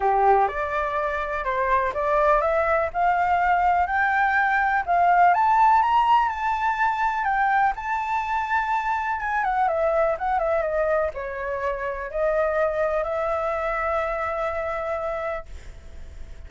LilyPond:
\new Staff \with { instrumentName = "flute" } { \time 4/4 \tempo 4 = 124 g'4 d''2 c''4 | d''4 e''4 f''2 | g''2 f''4 a''4 | ais''4 a''2 g''4 |
a''2. gis''8 fis''8 | e''4 fis''8 e''8 dis''4 cis''4~ | cis''4 dis''2 e''4~ | e''1 | }